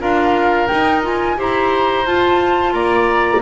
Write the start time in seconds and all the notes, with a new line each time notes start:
0.00 D4 F4 A#4 F5
0.67 D#4 G5
1.03 F4 G#5
1.37 E4 G4 C5 A#5
2.06 F4 A5
2.73 A#3 D5 A#5